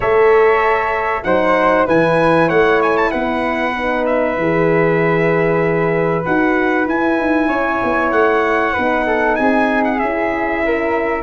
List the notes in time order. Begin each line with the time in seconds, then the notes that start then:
0.00 A3 A4 C#5 E5
1.23 F#3 D#4 C5 F#5
1.86 E3 E4 B4 G#5
2.47 A3 C#5 F#5
2.82 G#5
2.97 A5
3.11 B3 B4 F#5
3.76 D#4
4.06 E5
4.37 E3 G#4
6.25 D#4 F#4 F#5
6.87 E4 G#5
7.18 D#4
7.48 C#4 C#5
7.83 B3
8.11 A3 F#5
8.73 B3 D#4 B4
9.06 A4
9.35 C4 G#4 G#5
9.84 F#5
9.99 C#4 E4 E5
10.65 A#4